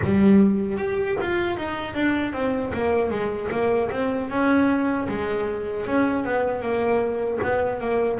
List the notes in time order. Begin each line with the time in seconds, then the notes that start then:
0.04 G3
0.77 G4
1.20 F4
1.57 D#4
1.94 D4
2.32 C4
2.73 A#3
3.10 G#3
3.51 A#3
3.91 C4
4.29 C#4
5.08 G#3
5.86 C#4
6.24 B3
6.61 A#3
7.42 B3
7.80 A#3